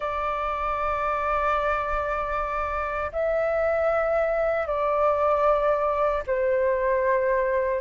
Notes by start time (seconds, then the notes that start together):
0.00 D5
3.12 E5
4.66 D5
6.26 C5